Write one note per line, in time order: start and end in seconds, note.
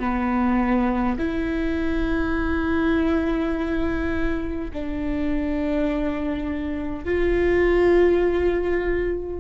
0.00 1.18 B3
1.19 4.72 E4
4.73 7.05 D4
7.05 9.40 F4